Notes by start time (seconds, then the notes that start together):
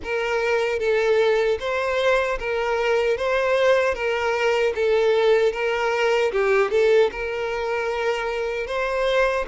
0.03 A#4
0.79 A4
1.59 C5
2.39 A#4
3.17 C5
3.94 A#4
4.75 A4
5.52 A#4
6.32 G4
6.70 A4
7.11 A#4
8.66 C5